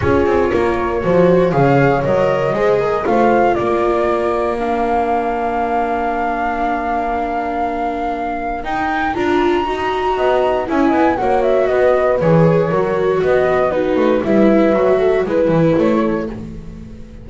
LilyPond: <<
  \new Staff \with { instrumentName = "flute" } { \time 4/4 \tempo 4 = 118 cis''2. f''4 | dis''2 f''4 d''4~ | d''4 f''2.~ | f''1~ |
f''4 g''4 ais''2~ | ais''4 gis''4 fis''8 e''8 dis''4 | cis''2 dis''4 b'4 | e''2 b'4 cis''4 | }
  \new Staff \with { instrumentName = "horn" } { \time 4/4 gis'4 ais'4 c''4 cis''4~ | cis''4 c''8 ais'8 c''4 ais'4~ | ais'1~ | ais'1~ |
ais'1 | dis''4 e''8 dis''8 cis''4 b'4~ | b'4 ais'4 b'4 fis'4 | b'4. a'8 b'4. a'8 | }
  \new Staff \with { instrumentName = "viola" } { \time 4/4 f'2 fis'4 gis'4 | ais'4 gis'4 f'2~ | f'4 d'2.~ | d'1~ |
d'4 dis'4 f'4 fis'4~ | fis'4 e'4 fis'2 | gis'4 fis'2 dis'4 | e'4 fis'4 e'2 | }
  \new Staff \with { instrumentName = "double bass" } { \time 4/4 cis'8 c'8 ais4 f4 cis4 | fis4 gis4 a4 ais4~ | ais1~ | ais1~ |
ais4 dis'4 d'4 dis'4 | b4 cis'8 b8 ais4 b4 | e4 fis4 b4. a8 | g4 fis4 gis8 e8 a4 | }
>>